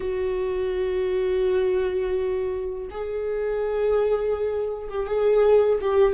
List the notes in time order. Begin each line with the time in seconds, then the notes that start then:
0.00 F#4
2.90 G#4
4.89 G4
5.06 G#4
5.80 G4